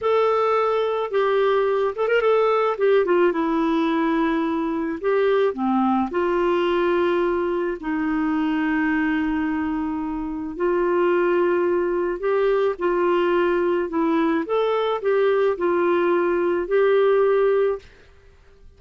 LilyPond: \new Staff \with { instrumentName = "clarinet" } { \time 4/4 \tempo 4 = 108 a'2 g'4. a'16 ais'16 | a'4 g'8 f'8 e'2~ | e'4 g'4 c'4 f'4~ | f'2 dis'2~ |
dis'2. f'4~ | f'2 g'4 f'4~ | f'4 e'4 a'4 g'4 | f'2 g'2 | }